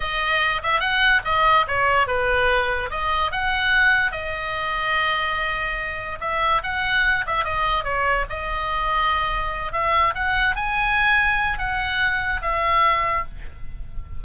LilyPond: \new Staff \with { instrumentName = "oboe" } { \time 4/4 \tempo 4 = 145 dis''4. e''8 fis''4 dis''4 | cis''4 b'2 dis''4 | fis''2 dis''2~ | dis''2. e''4 |
fis''4. e''8 dis''4 cis''4 | dis''2.~ dis''8 e''8~ | e''8 fis''4 gis''2~ gis''8 | fis''2 e''2 | }